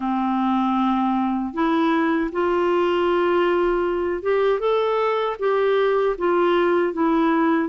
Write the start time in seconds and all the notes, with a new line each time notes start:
0.00 C4
1.53 E4
2.31 F4
4.22 G4
4.59 A4
5.39 G4
6.18 F4
6.93 E4